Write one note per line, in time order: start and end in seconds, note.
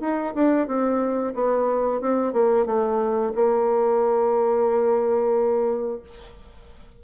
0.00 0.33 D#4
0.34 0.67 D4
0.67 1.34 C4
1.34 2.00 B3
2.00 2.32 C4
2.32 2.65 A#3
2.65 3.32 A3
3.35 6.01 A#3